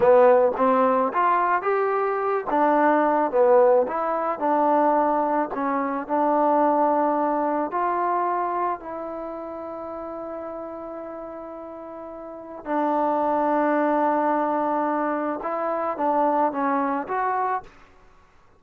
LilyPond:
\new Staff \with { instrumentName = "trombone" } { \time 4/4 \tempo 4 = 109 b4 c'4 f'4 g'4~ | g'8 d'4. b4 e'4 | d'2 cis'4 d'4~ | d'2 f'2 |
e'1~ | e'2. d'4~ | d'1 | e'4 d'4 cis'4 fis'4 | }